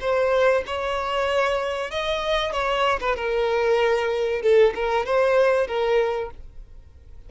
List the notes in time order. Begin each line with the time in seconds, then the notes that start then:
0.00 C5
0.66 C#5
1.91 D#5
2.52 C#5
3.00 B4
3.16 A#4
4.42 A4
4.74 A#4
5.05 C5
5.67 A#4